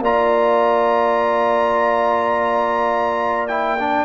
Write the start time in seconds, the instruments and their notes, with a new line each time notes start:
0.00 tuba A#3, trombone F4, horn D5, trumpet A#5
3.48 trombone E4, trumpet G5
3.79 trombone D4